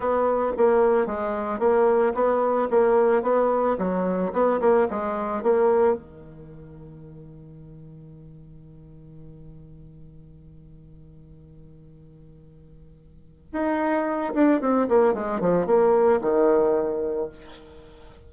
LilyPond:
\new Staff \with { instrumentName = "bassoon" } { \time 4/4 \tempo 4 = 111 b4 ais4 gis4 ais4 | b4 ais4 b4 fis4 | b8 ais8 gis4 ais4 dis4~ | dis1~ |
dis1~ | dis1~ | dis4 dis'4. d'8 c'8 ais8 | gis8 f8 ais4 dis2 | }